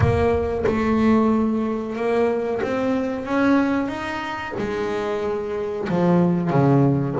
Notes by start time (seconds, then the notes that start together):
0.00 A#3
0.66 A3
1.96 A#3
2.62 C4
3.25 C#4
3.87 D#4
4.58 G#3
5.89 F3
6.50 C#3